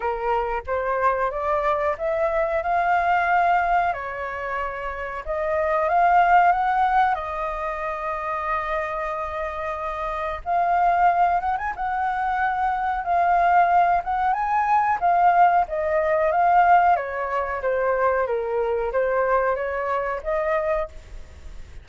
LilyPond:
\new Staff \with { instrumentName = "flute" } { \time 4/4 \tempo 4 = 92 ais'4 c''4 d''4 e''4 | f''2 cis''2 | dis''4 f''4 fis''4 dis''4~ | dis''1 |
f''4. fis''16 gis''16 fis''2 | f''4. fis''8 gis''4 f''4 | dis''4 f''4 cis''4 c''4 | ais'4 c''4 cis''4 dis''4 | }